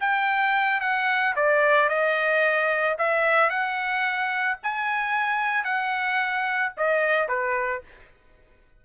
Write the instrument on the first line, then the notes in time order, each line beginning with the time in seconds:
trumpet
0.00 G5
0.81 F#5
1.36 D5
1.89 D#5
2.98 E5
3.50 F#5
4.63 G#5
5.64 F#5
6.77 D#5
7.28 B4